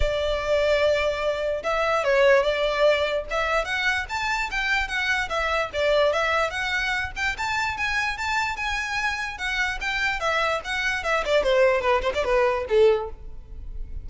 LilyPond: \new Staff \with { instrumentName = "violin" } { \time 4/4 \tempo 4 = 147 d''1 | e''4 cis''4 d''2 | e''4 fis''4 a''4 g''4 | fis''4 e''4 d''4 e''4 |
fis''4. g''8 a''4 gis''4 | a''4 gis''2 fis''4 | g''4 e''4 fis''4 e''8 d''8 | c''4 b'8 c''16 d''16 b'4 a'4 | }